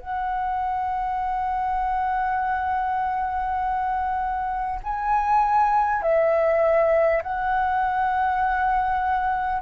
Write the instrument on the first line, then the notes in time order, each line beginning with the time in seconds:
flute
0.00 F#5
4.84 G#5
6.03 E5
7.23 F#5